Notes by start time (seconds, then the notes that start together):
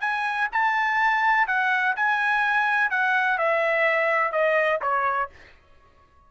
0.00 G#5
0.51 A5
1.47 F#5
1.96 G#5
2.90 F#5
3.38 E5
4.32 D#5
4.82 C#5